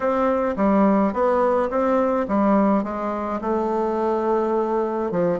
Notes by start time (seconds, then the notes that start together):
0.00 C4
0.56 G3
1.13 B3
1.70 C4
2.27 G3
2.83 G#3
3.41 A3
5.11 F3